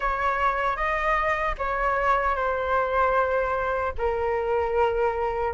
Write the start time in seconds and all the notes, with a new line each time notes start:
0.00 C#5
0.76 D#5
1.58 C#5
2.35 C5
3.98 A#4